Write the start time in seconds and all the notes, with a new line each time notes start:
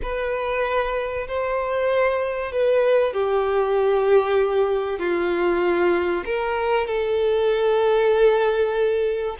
0.02 B4
1.27 C5
2.52 B4
3.12 G4
4.99 F4
6.25 A#4
6.86 A4